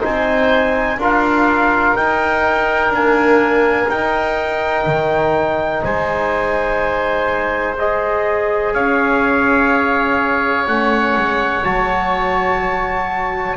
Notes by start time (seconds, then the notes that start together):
0.00 C4 D#4 C5 G#5
0.98 D4 F4 A#4 F5
1.96 D#4 G5
2.90 A#3 D4 G#5
3.88 D#4 G5
4.86 D#3
5.84 G#3 C5 G#5
7.78 G#4 D#5
8.74 C#4 C#5 F5
10.68 A3 C#4 F#5
11.17 G#3
11.63 F#3 F#4 A5